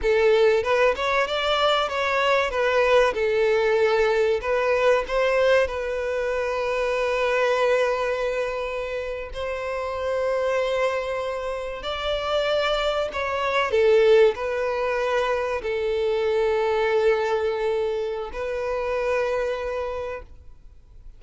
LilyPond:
\new Staff \with { instrumentName = "violin" } { \time 4/4 \tempo 4 = 95 a'4 b'8 cis''8 d''4 cis''4 | b'4 a'2 b'4 | c''4 b'2.~ | b'2~ b'8. c''4~ c''16~ |
c''2~ c''8. d''4~ d''16~ | d''8. cis''4 a'4 b'4~ b'16~ | b'8. a'2.~ a'16~ | a'4 b'2. | }